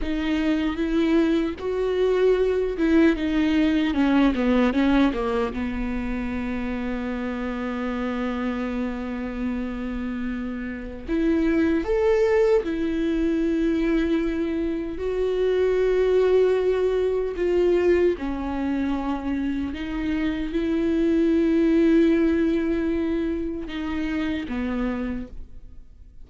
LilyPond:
\new Staff \with { instrumentName = "viola" } { \time 4/4 \tempo 4 = 76 dis'4 e'4 fis'4. e'8 | dis'4 cis'8 b8 cis'8 ais8 b4~ | b1~ | b2 e'4 a'4 |
e'2. fis'4~ | fis'2 f'4 cis'4~ | cis'4 dis'4 e'2~ | e'2 dis'4 b4 | }